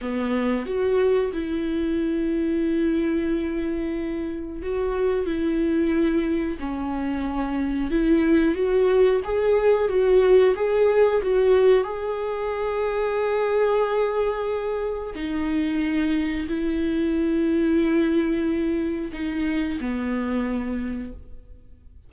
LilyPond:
\new Staff \with { instrumentName = "viola" } { \time 4/4 \tempo 4 = 91 b4 fis'4 e'2~ | e'2. fis'4 | e'2 cis'2 | e'4 fis'4 gis'4 fis'4 |
gis'4 fis'4 gis'2~ | gis'2. dis'4~ | dis'4 e'2.~ | e'4 dis'4 b2 | }